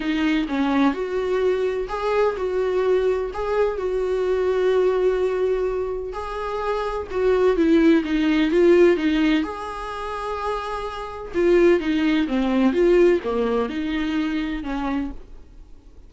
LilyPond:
\new Staff \with { instrumentName = "viola" } { \time 4/4 \tempo 4 = 127 dis'4 cis'4 fis'2 | gis'4 fis'2 gis'4 | fis'1~ | fis'4 gis'2 fis'4 |
e'4 dis'4 f'4 dis'4 | gis'1 | f'4 dis'4 c'4 f'4 | ais4 dis'2 cis'4 | }